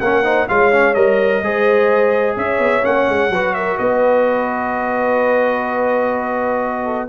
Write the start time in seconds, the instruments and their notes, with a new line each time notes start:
0.00 tuba A#3, trombone C#4, horn A#4, trumpet F#5
0.23 trombone D#4, horn C5
0.48 tuba G#3, trombone F4, horn C#5, trumpet F5
0.72 trombone C#4
0.94 tuba G3, trombone A#4, trumpet D#5
1.42 tuba G#3, trombone G#4, horn C5
2.36 tuba C#4, horn C#5, trumpet E5
2.59 tuba B3
2.82 tuba A#3, trombone C#4, trumpet F#5
3.08 tuba G#3
3.29 tuba F#3, trombone F#4, horn B4
3.54 horn A#4, trumpet E5
3.78 tuba B3, horn B4, trumpet D#5
6.84 horn A4